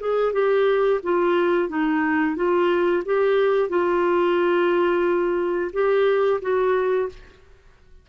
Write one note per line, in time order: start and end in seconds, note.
0.00 0.33 G#4
0.33 1.01 G4
1.03 1.69 F4
1.69 2.36 D#4
2.36 3.03 F4
3.06 3.69 G4
3.69 5.72 F4
5.73 6.40 G4
6.42 7.09 F#4